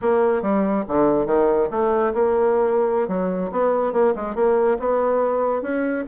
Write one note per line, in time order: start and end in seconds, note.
0.01 0.41 A#3
0.41 0.84 G3
0.88 1.26 D3
1.26 1.68 D#3
1.70 2.13 A3
2.13 3.08 A#3
3.08 3.50 F#3
3.51 3.92 B3
3.92 4.14 A#3
4.15 4.35 G#3
4.35 4.77 A#3
4.79 5.62 B3
5.62 6.04 C#4